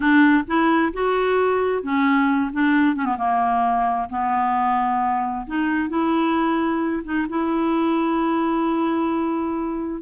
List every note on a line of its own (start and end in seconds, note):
0.00 0.43 D4
0.47 0.92 E4
0.93 1.82 F#4
1.82 2.50 C#4
2.52 2.95 D4
2.95 3.05 C#4
3.05 3.16 B3
3.18 4.08 A#3
4.09 5.45 B3
5.46 5.89 D#4
5.89 7.02 E4
7.04 7.26 D#4
7.29 10.01 E4